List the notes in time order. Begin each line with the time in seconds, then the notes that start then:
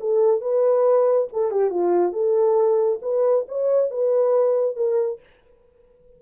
0.00 A4
0.41 B4
1.32 A4
1.51 G4
1.70 F4
2.12 A4
3.02 B4
3.48 C#5
3.90 B4
4.76 A#4